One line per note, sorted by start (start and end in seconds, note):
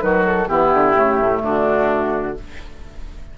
0.00 0.47 D#3
0.00 0.47 F#3
0.00 0.48 F#4
0.00 0.23 B4
0.25 0.48 A4
0.47 0.73 E3
0.47 0.94 B3
0.47 1.42 E4
0.47 1.42 G4
0.73 0.96 D3
0.94 1.20 C#3
0.94 2.34 A3
1.20 1.42 A2
1.42 2.36 D3
1.42 2.37 D4
1.42 2.38 F#4